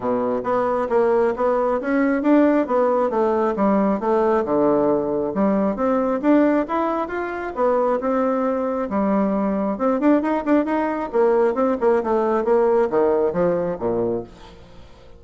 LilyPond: \new Staff \with { instrumentName = "bassoon" } { \time 4/4 \tempo 4 = 135 b,4 b4 ais4 b4 | cis'4 d'4 b4 a4 | g4 a4 d2 | g4 c'4 d'4 e'4 |
f'4 b4 c'2 | g2 c'8 d'8 dis'8 d'8 | dis'4 ais4 c'8 ais8 a4 | ais4 dis4 f4 ais,4 | }